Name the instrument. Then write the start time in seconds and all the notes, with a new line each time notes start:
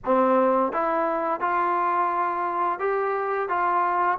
trombone
0.04 C4
0.72 E4
1.40 F4
2.79 G4
3.49 F4